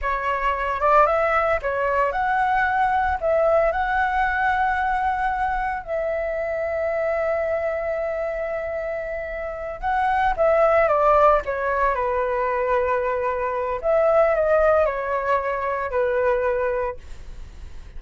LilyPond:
\new Staff \with { instrumentName = "flute" } { \time 4/4 \tempo 4 = 113 cis''4. d''8 e''4 cis''4 | fis''2 e''4 fis''4~ | fis''2. e''4~ | e''1~ |
e''2~ e''8 fis''4 e''8~ | e''8 d''4 cis''4 b'4.~ | b'2 e''4 dis''4 | cis''2 b'2 | }